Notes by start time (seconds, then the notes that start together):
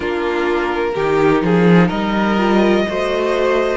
0.00 A#3 D4 F4 A#4
0.94 D#3 D#4 G4
1.42 F3 G#4
1.88 G3 A#4 D#5
2.37 F4
2.87 A3 F#4 C5